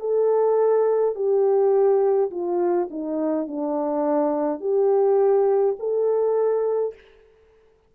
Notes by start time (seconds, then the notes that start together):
0.00 A4
1.15 G4
2.30 F4
2.90 D#4
3.47 D4
4.60 G4
5.78 A4